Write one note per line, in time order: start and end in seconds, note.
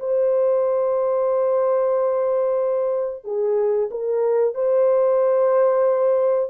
0.00 3.25 C5
3.25 3.90 G#4
3.91 4.55 A#4
4.55 6.50 C5